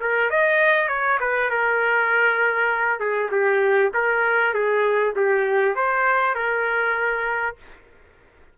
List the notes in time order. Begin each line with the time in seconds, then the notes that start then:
0.00 A#4
0.30 D#5
0.88 C#5
1.20 B4
1.50 A#4
3.00 G#4
3.31 G4
3.94 A#4
4.54 G#4
5.16 G4
5.75 C5
6.35 A#4